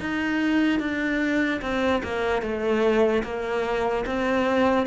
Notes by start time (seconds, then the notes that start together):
0.00 D#4
0.80 D4
1.61 C4
2.03 A#3
2.42 A3
3.24 A#3
4.06 C4